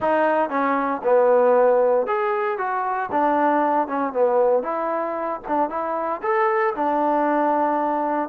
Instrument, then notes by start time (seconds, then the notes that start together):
trombone
0.00 D#4
0.49 C#4
1.03 B3
2.06 G#4
2.57 F#4
3.11 D4
3.87 C#4
4.12 B3
4.62 E4
5.48 D4
5.69 E4
6.22 A4
6.74 D4